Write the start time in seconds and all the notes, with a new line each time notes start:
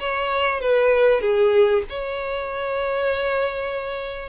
0.00 C#5
0.61 B4
1.21 G#4
1.90 C#5